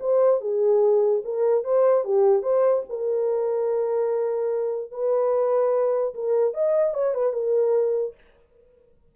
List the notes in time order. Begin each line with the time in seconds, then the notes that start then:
0.00 C5
0.41 G#4
1.24 A#4
1.64 C5
2.04 G4
2.42 C5
2.89 A#4
4.91 B4
6.14 A#4
6.54 D#5
6.94 C#5
7.14 B4
7.33 A#4